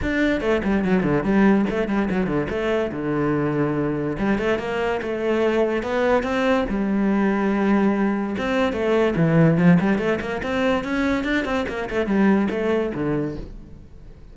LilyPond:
\new Staff \with { instrumentName = "cello" } { \time 4/4 \tempo 4 = 144 d'4 a8 g8 fis8 d8 g4 | a8 g8 fis8 d8 a4 d4~ | d2 g8 a8 ais4 | a2 b4 c'4 |
g1 | c'4 a4 e4 f8 g8 | a8 ais8 c'4 cis'4 d'8 c'8 | ais8 a8 g4 a4 d4 | }